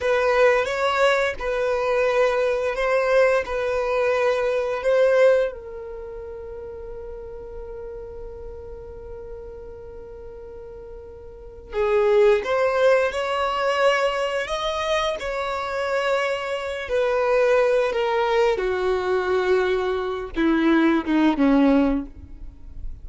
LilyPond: \new Staff \with { instrumentName = "violin" } { \time 4/4 \tempo 4 = 87 b'4 cis''4 b'2 | c''4 b'2 c''4 | ais'1~ | ais'1~ |
ais'4 gis'4 c''4 cis''4~ | cis''4 dis''4 cis''2~ | cis''8 b'4. ais'4 fis'4~ | fis'4. e'4 dis'8 cis'4 | }